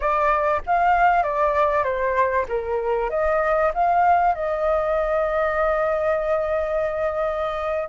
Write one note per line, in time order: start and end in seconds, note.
0.00 0.61 D5
0.66 1.23 F5
1.23 1.83 D5
1.83 2.45 C5
2.48 3.10 A#4
3.10 3.71 D#5
3.73 4.34 F5
4.34 7.88 D#5